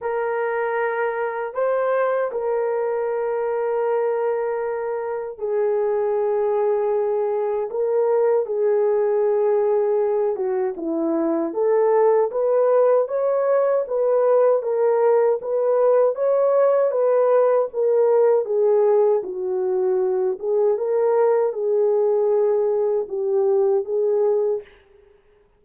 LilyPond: \new Staff \with { instrumentName = "horn" } { \time 4/4 \tempo 4 = 78 ais'2 c''4 ais'4~ | ais'2. gis'4~ | gis'2 ais'4 gis'4~ | gis'4. fis'8 e'4 a'4 |
b'4 cis''4 b'4 ais'4 | b'4 cis''4 b'4 ais'4 | gis'4 fis'4. gis'8 ais'4 | gis'2 g'4 gis'4 | }